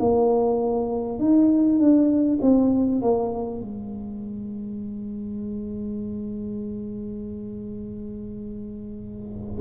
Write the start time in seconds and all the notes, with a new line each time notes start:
0.00 A#3
1.19 D#4
1.79 D4
2.42 C4
3.02 A#3
3.61 G#3